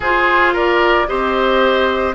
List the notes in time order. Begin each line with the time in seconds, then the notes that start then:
0.00 F4 G#4 C5
0.53 A#4 D5
1.07 C4 G4 C5 D#5